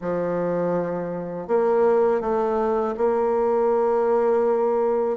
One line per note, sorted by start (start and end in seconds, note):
0.01 1.47 F3
1.47 2.21 A#3
2.21 2.95 A3
2.97 5.17 A#3